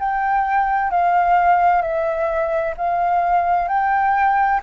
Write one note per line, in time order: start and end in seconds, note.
0.00 0.91 G5
0.91 1.82 F5
1.82 2.74 E5
2.77 3.68 F5
3.68 4.61 G5